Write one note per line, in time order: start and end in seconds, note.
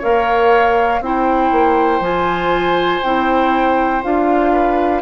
0.00 1.01 A#3
0.00 1.02 A#4
0.00 1.00 C#5
0.00 1.03 F5
1.01 1.51 C4
1.01 2.02 E4
1.01 4.53 C5
1.01 2.04 G5
1.52 2.00 A#3
2.00 3.00 F3
2.00 3.02 F4
2.00 3.03 G#5
3.03 4.03 C4
3.03 4.03 E4
3.03 4.03 G5
4.03 5.03 D4
4.03 5.03 F4
4.03 5.03 F5
4.53 5.03 B4